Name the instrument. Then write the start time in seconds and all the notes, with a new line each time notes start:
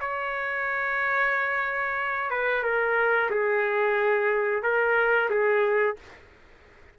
trumpet
0.00 C#5
2.30 B4
2.63 A#4
3.30 G#4
4.63 A#4
5.30 G#4